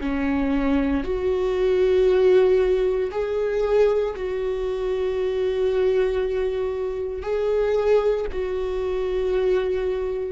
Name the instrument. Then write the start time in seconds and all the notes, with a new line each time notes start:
viola
0.00 C#4
1.03 F#4
3.11 G#4
4.16 F#4
7.22 G#4
8.32 F#4